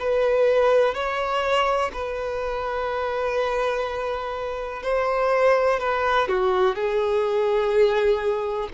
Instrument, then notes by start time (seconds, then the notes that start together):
violin
0.00 B4
0.95 C#5
1.94 B4
4.83 C5
5.80 B4
6.28 F#4
6.76 G#4